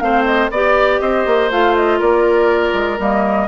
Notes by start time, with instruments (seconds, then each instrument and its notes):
0.00 bassoon A3, clarinet C4, oboe C5, flute F5
0.25 flute D#5
0.51 bassoon B3, clarinet G4, oboe D5, flute D5
1.01 bassoon C4, oboe C5, flute D#5
1.26 bassoon A#3
1.51 bassoon A3, clarinet F4, flute F5
1.76 flute D#5
1.99 bassoon A#3, oboe A#4, flute D5
2.73 bassoon G#3
2.99 bassoon G3, clarinet A#3, flute D#5